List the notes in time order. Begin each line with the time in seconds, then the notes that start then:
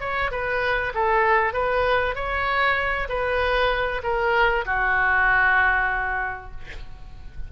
0.00 C#5
0.31 B4
0.94 A4
1.53 B4
2.15 C#5
3.09 B4
4.03 A#4
4.66 F#4